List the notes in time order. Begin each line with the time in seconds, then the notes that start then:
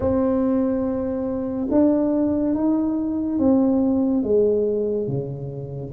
0.00 C4
1.70 D4
2.54 D#4
3.38 C4
4.23 G#3
5.07 C#3